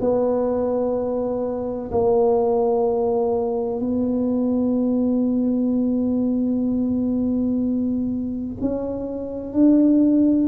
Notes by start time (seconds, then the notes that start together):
0.00 B3
1.91 A#3
3.80 B3
8.61 C#4
9.53 D4